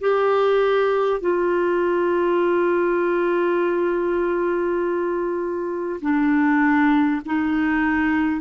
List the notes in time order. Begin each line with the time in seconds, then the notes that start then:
0.00 G4
1.20 F4
6.01 D4
7.25 D#4